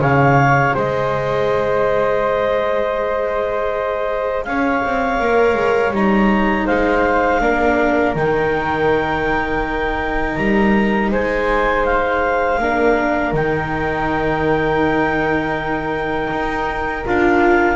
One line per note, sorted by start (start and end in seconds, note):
0.00 0.74 C#3
0.00 5.20 G#4
0.00 0.75 C#5
0.00 0.76 F5
0.75 4.47 G#3
0.75 4.45 C5
0.75 4.45 D#5
4.45 4.84 C#4
4.45 6.67 C#5
4.45 5.93 F5
4.84 5.21 C4
5.21 5.55 A#3
5.21 5.95 A#4
5.55 5.92 G#3
5.92 6.66 G3
5.92 7.42 D#4
5.92 6.67 A#5
6.67 7.42 G#3
6.67 7.41 C5
6.67 8.15 F5
7.42 8.15 A#3
7.42 8.16 D4
7.42 11.12 A#4
8.15 10.37 D#3
8.15 12.61 D#4
8.15 10.36 G5
10.36 11.12 G3
10.36 11.10 A#5
11.12 12.59 G#3
11.12 12.60 C5
11.12 11.86 G#5
11.86 13.34 F5
12.59 13.33 A#3
12.59 13.34 D4
12.59 17.77 A#4
13.33 16.29 D#3
13.33 17.04 D#4
13.33 17.06 G5
16.31 17.05 D#4
17.06 17.77 D4
17.06 17.77 F4
17.06 17.77 F5